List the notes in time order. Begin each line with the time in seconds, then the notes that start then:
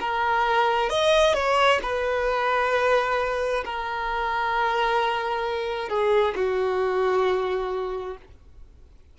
0.00 A#4
0.89 D#5
1.34 C#5
1.82 B4
3.64 A#4
5.89 G#4
6.35 F#4